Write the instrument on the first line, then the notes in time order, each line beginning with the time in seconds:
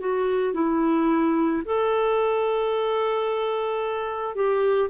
clarinet
0.00 F#4
0.54 E4
1.66 A4
4.35 G4